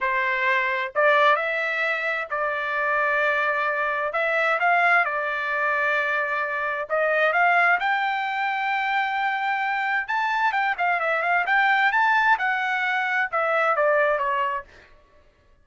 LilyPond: \new Staff \with { instrumentName = "trumpet" } { \time 4/4 \tempo 4 = 131 c''2 d''4 e''4~ | e''4 d''2.~ | d''4 e''4 f''4 d''4~ | d''2. dis''4 |
f''4 g''2.~ | g''2 a''4 g''8 f''8 | e''8 f''8 g''4 a''4 fis''4~ | fis''4 e''4 d''4 cis''4 | }